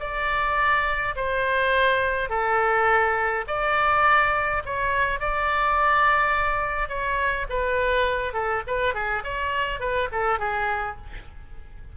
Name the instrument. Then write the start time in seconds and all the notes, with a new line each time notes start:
oboe
0.00 D5
1.16 C5
2.30 A4
3.47 D5
4.66 C#5
5.20 D5
6.89 C#5
7.50 B4
8.34 A4
8.67 B4
8.94 G#4
9.24 C#5
9.80 B4
10.12 A4
10.39 G#4